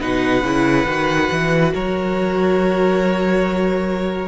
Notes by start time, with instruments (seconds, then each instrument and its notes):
0.00 cello B2, viola D#4, violin B4 F#5
0.42 cello C#3, viola E4
0.86 cello D#3, viola F#4
1.31 cello E3
1.74 cello F#3, violin A#4 C#5